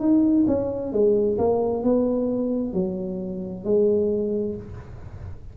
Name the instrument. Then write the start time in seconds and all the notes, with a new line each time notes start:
tuba
0.00 D#4
0.48 C#4
0.93 G#3
1.38 A#3
1.83 B3
2.74 F#3
3.65 G#3